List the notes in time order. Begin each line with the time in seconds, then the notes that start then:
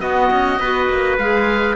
0.00 B3 F#4 D#5
0.31 C#4
0.59 B3 F#4 B4
0.89 A#3
1.18 G#3 G#4 F5